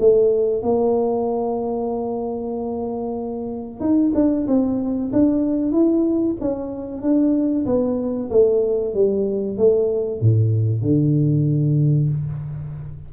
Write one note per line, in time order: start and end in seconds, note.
0.00 0.62 A3
0.62 3.80 A#3
3.80 4.12 D#4
4.15 4.47 D4
4.48 5.12 C4
5.13 5.72 D4
5.72 6.36 E4
6.41 7.02 C#4
7.02 7.66 D4
7.66 8.30 B3
8.31 8.94 A3
8.94 9.58 G3
9.58 10.21 A3
10.21 10.82 A2
10.82 12.10 D3